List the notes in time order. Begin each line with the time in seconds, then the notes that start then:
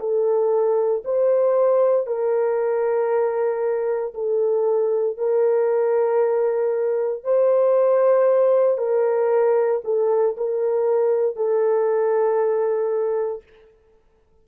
0.00 A4
1.05 C5
2.07 A#4
4.15 A4
5.18 A#4
7.24 C5
8.78 A#4
9.85 A4
10.38 A#4
11.37 A4